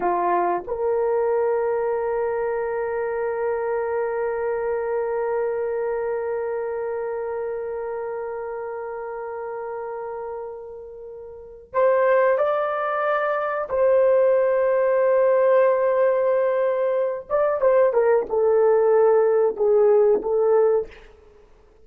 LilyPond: \new Staff \with { instrumentName = "horn" } { \time 4/4 \tempo 4 = 92 f'4 ais'2.~ | ais'1~ | ais'1~ | ais'1~ |
ais'2 c''4 d''4~ | d''4 c''2.~ | c''2~ c''8 d''8 c''8 ais'8 | a'2 gis'4 a'4 | }